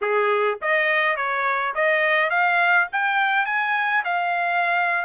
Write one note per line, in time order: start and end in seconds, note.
0.01 0.58 G#4
0.61 1.16 D#5
1.16 1.74 C#5
1.74 2.29 D#5
2.29 2.87 F5
2.92 3.45 G5
3.45 4.03 G#5
4.04 5.05 F5